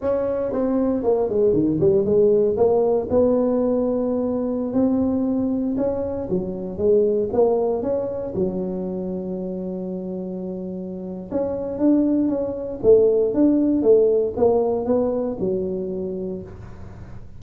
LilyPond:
\new Staff \with { instrumentName = "tuba" } { \time 4/4 \tempo 4 = 117 cis'4 c'4 ais8 gis8 dis8 g8 | gis4 ais4 b2~ | b4~ b16 c'2 cis'8.~ | cis'16 fis4 gis4 ais4 cis'8.~ |
cis'16 fis2.~ fis8.~ | fis2 cis'4 d'4 | cis'4 a4 d'4 a4 | ais4 b4 fis2 | }